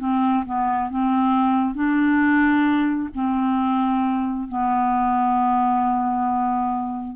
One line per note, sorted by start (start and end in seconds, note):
0.00 0.45 C4
0.46 0.90 B3
0.90 1.75 C4
1.75 3.09 D4
3.15 4.49 C4
4.49 7.16 B3